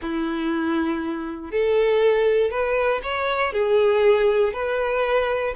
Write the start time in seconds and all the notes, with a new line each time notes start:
0.01 E4
1.51 A4
2.50 B4
3.03 C#5
3.52 G#4
4.53 B4